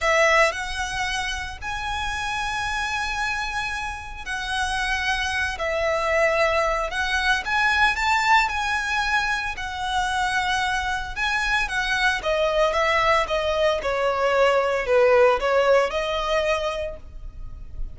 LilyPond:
\new Staff \with { instrumentName = "violin" } { \time 4/4 \tempo 4 = 113 e''4 fis''2 gis''4~ | gis''1 | fis''2~ fis''8 e''4.~ | e''4 fis''4 gis''4 a''4 |
gis''2 fis''2~ | fis''4 gis''4 fis''4 dis''4 | e''4 dis''4 cis''2 | b'4 cis''4 dis''2 | }